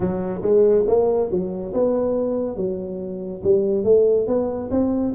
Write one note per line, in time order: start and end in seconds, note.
0.00 0.41 F#3
0.42 0.85 G#3
0.87 1.30 A#3
1.30 1.73 F#3
1.73 2.56 B3
2.56 3.42 F#3
3.43 3.84 G3
3.84 4.27 A3
4.27 4.69 B3
4.70 5.13 C4